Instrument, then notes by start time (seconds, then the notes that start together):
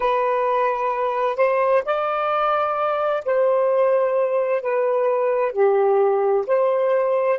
saxophone
0.00 B4
1.36 C5
1.85 D5
3.25 C5
4.62 B4
5.52 G4
6.47 C5